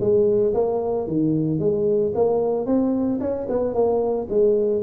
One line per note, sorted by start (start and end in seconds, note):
0.00 0.54 G#3
0.54 1.07 A#3
1.07 1.59 D#3
1.59 2.13 G#3
2.15 2.66 A#3
2.66 3.19 C4
3.20 3.47 C#4
3.49 3.74 B3
3.74 4.28 A#3
4.30 4.82 G#3